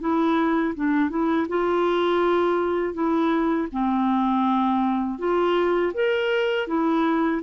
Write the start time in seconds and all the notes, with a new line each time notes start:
0.00 E4
0.75 D4
1.09 E4
1.48 F4
2.93 E4
3.71 C4
5.18 F4
5.94 A#4
6.67 E4